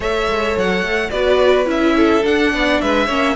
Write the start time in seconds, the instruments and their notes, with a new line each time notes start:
0.00 cello A3, viola A4, violin C#5 E5
0.28 cello G#3
0.57 cello F#3, violin F#5
0.81 cello A3
1.10 cello B3, viola F#4, violin B4 D5
1.65 cello C#4, viola E4, violin E5
1.96 violin A4
2.23 viola D4, cello D4, violin F#5
2.53 cello B3, violin D5
2.80 cello G#3, violin B4 E5
3.05 cello A#3, viola C#4, violin C#5